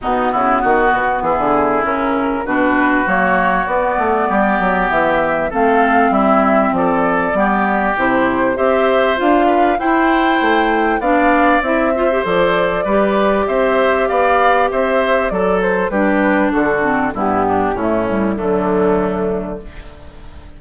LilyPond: <<
  \new Staff \with { instrumentName = "flute" } { \time 4/4 \tempo 4 = 98 fis'2 gis'4 ais'4 | b'4 cis''4 d''2 | e''4 f''4 e''4 d''4~ | d''4 c''4 e''4 f''4 |
g''2 f''4 e''4 | d''2 e''4 f''4 | e''4 d''8 c''8 b'4 a'4 | g'4 e'4 d'2 | }
  \new Staff \with { instrumentName = "oboe" } { \time 4/4 dis'8 e'8 fis'4 e'2 | fis'2. g'4~ | g'4 a'4 e'4 a'4 | g'2 c''4. b'8 |
c''2 d''4. c''8~ | c''4 b'4 c''4 d''4 | c''4 a'4 g'4 fis'4 | e'8 d'8 cis'4 a2 | }
  \new Staff \with { instrumentName = "clarinet" } { \time 4/4 b2. cis'4 | d'4 ais4 b2~ | b4 c'2. | b4 e'4 g'4 f'4 |
e'2 d'4 e'8 f'16 g'16 | a'4 g'2.~ | g'4 a'4 d'4. c'8 | b4 a8 g8 fis2 | }
  \new Staff \with { instrumentName = "bassoon" } { \time 4/4 b,8 cis8 dis8 b,8 e16 d8. cis4 | b,4 fis4 b8 a8 g8 fis8 | e4 a4 g4 f4 | g4 c4 c'4 d'4 |
e'4 a4 b4 c'4 | f4 g4 c'4 b4 | c'4 fis4 g4 d4 | g,4 a,4 d2 | }
>>